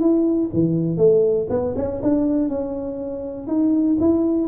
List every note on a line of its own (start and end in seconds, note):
0.00 0.50 E4
0.53 0.97 E3
0.97 1.47 A3
1.49 1.74 B3
1.76 2.01 C#4
2.02 2.49 D4
2.49 3.47 C#4
3.47 3.97 D#4
4.00 4.48 E4